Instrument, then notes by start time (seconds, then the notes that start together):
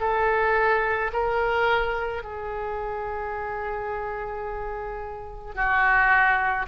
oboe
0.00 A4
1.13 A#4
2.23 G#4
5.55 F#4